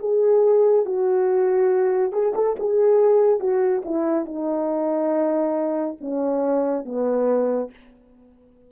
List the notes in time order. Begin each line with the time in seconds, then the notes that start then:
0.00 G#4
0.86 F#4
2.12 G#4
2.35 A4
2.60 G#4
3.40 F#4
3.85 E4
4.26 D#4
6.01 C#4
6.85 B3